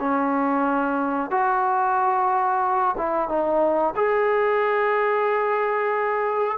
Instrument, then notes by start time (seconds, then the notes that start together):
trombone
0.00 C#4
1.31 F#4
2.98 E4
3.29 D#4
3.96 G#4